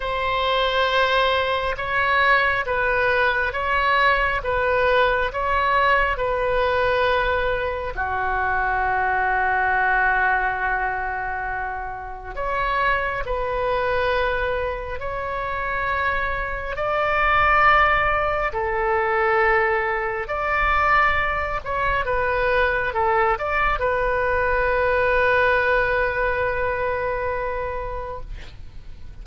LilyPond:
\new Staff \with { instrumentName = "oboe" } { \time 4/4 \tempo 4 = 68 c''2 cis''4 b'4 | cis''4 b'4 cis''4 b'4~ | b'4 fis'2.~ | fis'2 cis''4 b'4~ |
b'4 cis''2 d''4~ | d''4 a'2 d''4~ | d''8 cis''8 b'4 a'8 d''8 b'4~ | b'1 | }